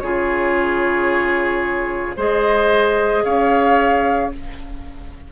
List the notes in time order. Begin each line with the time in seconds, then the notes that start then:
0.00 C#3 F4 G#4 C#5
2.17 G#3 G#4 C5 D#5
3.25 C#4 C#5 F5